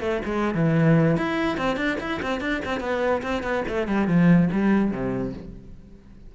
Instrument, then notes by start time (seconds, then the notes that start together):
cello
0.00 A3
0.25 G#3
0.55 E3
1.17 E4
1.58 C4
1.77 D4
2.00 E4
2.22 C4
2.41 D4
2.65 C4
2.80 B3
3.22 C4
3.43 B3
3.68 A3
3.87 G3
4.08 F3
4.52 G3
4.91 C3